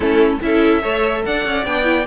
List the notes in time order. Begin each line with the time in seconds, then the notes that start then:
0.00 A3 C#4 E4 A4
0.41 C#4 E4 A4 E5
0.81 A3 A4 C#5
1.25 D4 D5 F#5
1.45 C#4
1.65 B3 D4 G5
1.83 E4